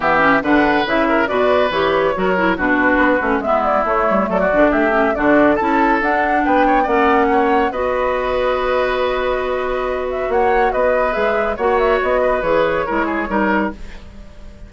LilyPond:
<<
  \new Staff \with { instrumentName = "flute" } { \time 4/4 \tempo 4 = 140 e''4 fis''4 e''4 d''4 | cis''2 b'2 | e''8 d''8 cis''4 d''4 e''4 | d''4 a''4 fis''4 g''4 |
fis''2 dis''2~ | dis''2.~ dis''8 e''8 | fis''4 dis''4 e''4 fis''8 e''8 | dis''4 cis''2. | }
  \new Staff \with { instrumentName = "oboe" } { \time 4/4 g'4 b'4. ais'8 b'4~ | b'4 ais'4 fis'2 | e'2 a'16 fis'8. g'4 | fis'4 a'2 b'8 cis''8 |
d''4 cis''4 b'2~ | b'1 | cis''4 b'2 cis''4~ | cis''8 b'4. ais'8 gis'8 ais'4 | }
  \new Staff \with { instrumentName = "clarinet" } { \time 4/4 b8 cis'8 d'4 e'4 fis'4 | g'4 fis'8 e'8 d'4. cis'8 | b4 a4. d'4 cis'8 | d'4 e'4 d'2 |
cis'2 fis'2~ | fis'1~ | fis'2 gis'4 fis'4~ | fis'4 gis'4 e'4 dis'4 | }
  \new Staff \with { instrumentName = "bassoon" } { \time 4/4 e4 d4 cis4 b,4 | e4 fis4 b,4 b8 a8 | gis4 a8 g8 fis8 e16 d16 a4 | d4 cis'4 d'4 b4 |
ais2 b2~ | b1 | ais4 b4 gis4 ais4 | b4 e4 gis4 g4 | }
>>